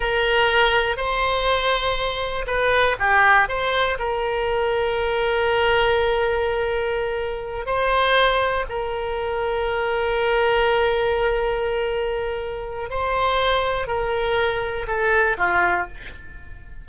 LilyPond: \new Staff \with { instrumentName = "oboe" } { \time 4/4 \tempo 4 = 121 ais'2 c''2~ | c''4 b'4 g'4 c''4 | ais'1~ | ais'2.~ ais'8 c''8~ |
c''4. ais'2~ ais'8~ | ais'1~ | ais'2 c''2 | ais'2 a'4 f'4 | }